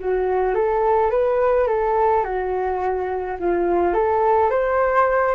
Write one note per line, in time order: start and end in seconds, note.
0.00 0.55 F#4
0.55 1.11 A4
1.11 1.67 B4
1.67 2.24 A4
2.24 3.38 F#4
3.40 3.94 F4
3.94 4.51 A4
4.51 5.35 C5